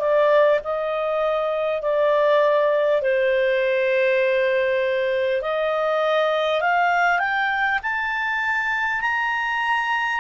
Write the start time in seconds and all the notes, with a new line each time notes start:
0.00 D5
0.64 D#5
1.82 D5
3.02 C5
5.42 D#5
6.62 F5
7.19 G5
7.83 A5
9.02 A#5